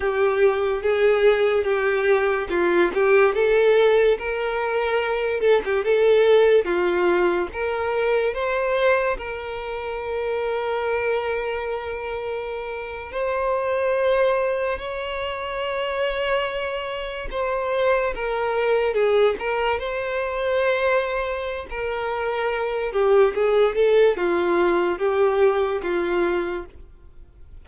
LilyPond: \new Staff \with { instrumentName = "violin" } { \time 4/4 \tempo 4 = 72 g'4 gis'4 g'4 f'8 g'8 | a'4 ais'4. a'16 g'16 a'4 | f'4 ais'4 c''4 ais'4~ | ais'2.~ ais'8. c''16~ |
c''4.~ c''16 cis''2~ cis''16~ | cis''8. c''4 ais'4 gis'8 ais'8 c''16~ | c''2 ais'4. g'8 | gis'8 a'8 f'4 g'4 f'4 | }